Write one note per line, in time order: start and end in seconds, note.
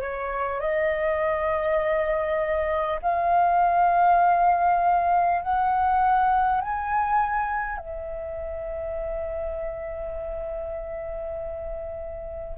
0.00 0.59 C#5
0.59 2.99 D#5
3.02 5.42 F5
5.42 6.61 F#5
6.61 7.77 G#5
7.77 12.57 E5